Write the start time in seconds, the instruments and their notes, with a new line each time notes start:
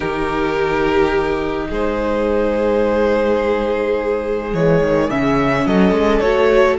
0.00 cello D#3, viola D#4, violin G4 A#4
1.69 cello G#3, violin G#4 C5
4.54 cello E3, viola G#3, violin C#5
4.82 cello D#3
5.10 cello C#3, viola C#4, violin E5
5.66 cello F#3, violin A4 D#5
5.91 cello G#3
6.19 cello A3, viola F#4, violin C#5